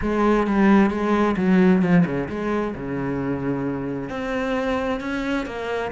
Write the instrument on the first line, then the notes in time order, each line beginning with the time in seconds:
cello
0.01 G#3
0.46 G3
0.90 G#3
1.37 F#3
1.81 F3
2.05 C#3
2.29 G#3
2.75 C#3
4.09 C4
5.00 C#4
5.45 A#3